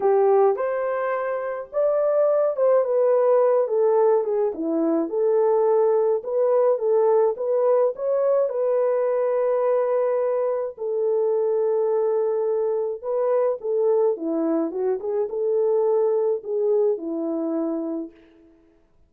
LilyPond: \new Staff \with { instrumentName = "horn" } { \time 4/4 \tempo 4 = 106 g'4 c''2 d''4~ | d''8 c''8 b'4. a'4 gis'8 | e'4 a'2 b'4 | a'4 b'4 cis''4 b'4~ |
b'2. a'4~ | a'2. b'4 | a'4 e'4 fis'8 gis'8 a'4~ | a'4 gis'4 e'2 | }